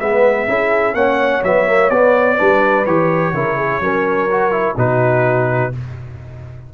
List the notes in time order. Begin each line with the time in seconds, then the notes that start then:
0.00 G#3 B3 B4 E5
0.48 C#4 E4 G#4
0.94 A#3 C#4 C#5 F#5
1.43 F#3 B3 E5
1.67 A#3
1.90 B3 D5
2.37 G3 D4 B4
2.86 E3 G4 C#5
3.33 C#3 E4 A#4
3.58 G#4
3.81 F#3 C#4 A#4
4.31 F#4
4.52 E4
4.77 B2 D#4 F#4 B4